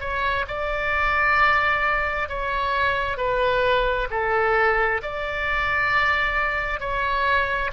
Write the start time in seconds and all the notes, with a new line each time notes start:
0.00 C#5
0.48 D5
2.29 C#5
3.17 B4
4.10 A4
5.02 D5
6.80 C#5